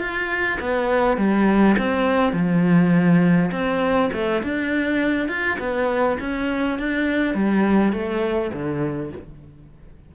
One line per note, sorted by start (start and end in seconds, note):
0.00 0.59 F4
0.60 1.17 B3
1.17 1.76 G3
1.78 2.33 C4
2.33 3.51 F3
3.52 4.10 C4
4.13 4.42 A3
4.44 5.29 D4
5.29 5.58 F4
5.59 6.18 B3
6.20 6.79 C#4
6.79 7.35 D4
7.35 7.93 G3
7.93 8.51 A3
8.53 9.12 D3